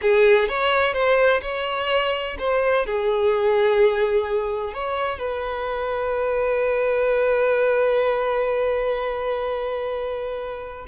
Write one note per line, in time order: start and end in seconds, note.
0.01 0.48 G#4
0.48 0.93 C#5
0.93 1.40 C5
1.42 2.36 C#5
2.38 2.85 C5
2.85 4.73 G#4
4.73 5.18 C#5
5.18 10.85 B4